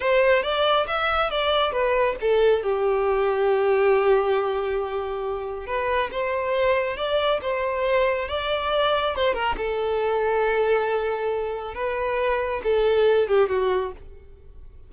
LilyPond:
\new Staff \with { instrumentName = "violin" } { \time 4/4 \tempo 4 = 138 c''4 d''4 e''4 d''4 | b'4 a'4 g'2~ | g'1~ | g'4 b'4 c''2 |
d''4 c''2 d''4~ | d''4 c''8 ais'8 a'2~ | a'2. b'4~ | b'4 a'4. g'8 fis'4 | }